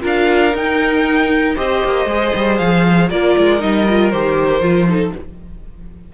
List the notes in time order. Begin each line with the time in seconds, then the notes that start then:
0.00 D4 F4 A#4
0.06 F5
0.53 D#4 G5
1.55 C4 G4 C5 D#5
1.85 A#3
2.05 G#3 G#4
2.35 G3
2.57 F3 F5
3.10 A#3 F4 A#4 D5
3.37 G#3
3.59 G3 D#4 D#5
3.89 F4
4.10 D#3 G4 C5
4.60 F3 F4
4.88 D#4 A4